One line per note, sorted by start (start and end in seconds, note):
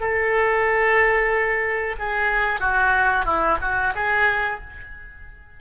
0.00 1.96 A4
1.99 2.60 G#4
2.60 3.25 F#4
3.25 3.58 E4
3.61 3.94 F#4
3.95 4.61 G#4